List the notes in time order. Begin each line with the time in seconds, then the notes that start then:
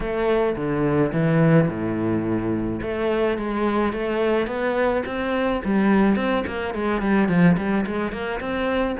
0.00 A3
0.56 D3
1.12 E3
1.68 A2
2.82 A3
3.37 G#3
3.93 A3
4.47 B3
5.06 C4
5.64 G3
6.16 C4
6.46 A#3
6.74 G#3
7.01 G3
7.28 F3
7.57 G3
7.86 G#3
8.12 A#3
8.40 C4